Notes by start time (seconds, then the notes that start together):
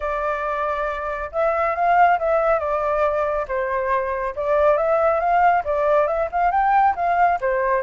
0.00 D5
1.32 E5
1.75 F5
2.18 E5
2.59 D5
3.47 C5
4.35 D5
4.77 E5
5.20 F5
5.64 D5
6.07 E5
6.31 F5
6.51 G5
6.95 F5
7.40 C5